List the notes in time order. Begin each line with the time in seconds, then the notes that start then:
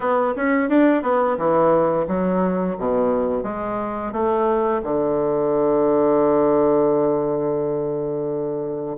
0.00 B3
0.35 C#4
0.69 D4
1.02 B3
1.37 E3
2.07 F#3
2.78 B2
3.43 G#3
4.12 A3
4.83 D3